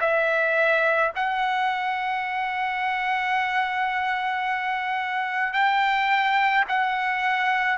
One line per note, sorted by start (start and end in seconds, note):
0.00 1.11 E5
1.15 5.53 F#5
5.53 6.64 G5
6.68 7.77 F#5